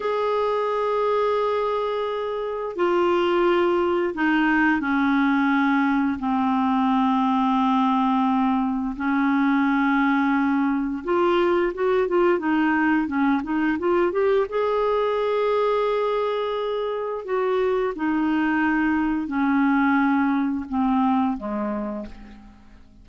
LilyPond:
\new Staff \with { instrumentName = "clarinet" } { \time 4/4 \tempo 4 = 87 gis'1 | f'2 dis'4 cis'4~ | cis'4 c'2.~ | c'4 cis'2. |
f'4 fis'8 f'8 dis'4 cis'8 dis'8 | f'8 g'8 gis'2.~ | gis'4 fis'4 dis'2 | cis'2 c'4 gis4 | }